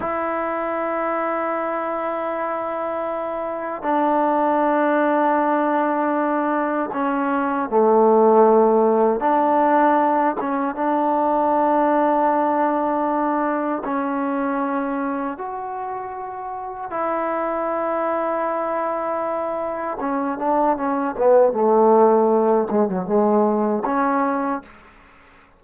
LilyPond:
\new Staff \with { instrumentName = "trombone" } { \time 4/4 \tempo 4 = 78 e'1~ | e'4 d'2.~ | d'4 cis'4 a2 | d'4. cis'8 d'2~ |
d'2 cis'2 | fis'2 e'2~ | e'2 cis'8 d'8 cis'8 b8 | a4. gis16 fis16 gis4 cis'4 | }